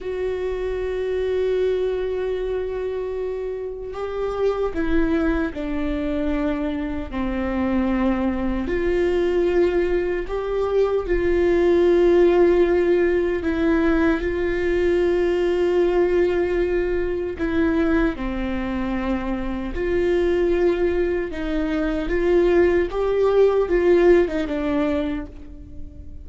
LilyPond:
\new Staff \with { instrumentName = "viola" } { \time 4/4 \tempo 4 = 76 fis'1~ | fis'4 g'4 e'4 d'4~ | d'4 c'2 f'4~ | f'4 g'4 f'2~ |
f'4 e'4 f'2~ | f'2 e'4 c'4~ | c'4 f'2 dis'4 | f'4 g'4 f'8. dis'16 d'4 | }